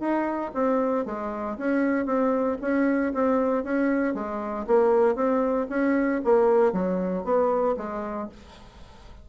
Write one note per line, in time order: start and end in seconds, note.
0.00 0.52 D#4
0.54 1.06 C4
1.06 1.58 G#3
1.58 2.06 C#4
2.06 2.58 C4
2.61 3.13 C#4
3.14 3.64 C4
3.64 4.14 C#4
4.14 4.66 G#3
4.67 5.16 A#3
5.16 5.67 C4
5.70 6.21 C#4
6.24 6.73 A#3
6.73 7.24 F#3
7.24 7.76 B3
7.77 8.29 G#3